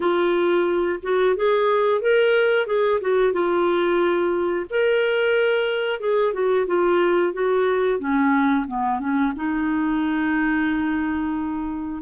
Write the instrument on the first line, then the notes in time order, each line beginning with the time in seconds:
clarinet
0.00 F4
1.02 F#4
1.35 G#4
2.01 A#4
2.66 G#4
3.00 F#4
3.32 F4
4.70 A#4
5.99 G#4
6.33 F#4
6.66 F4
7.33 F#4
7.98 C#4
8.67 B3
8.99 C#4
9.36 D#4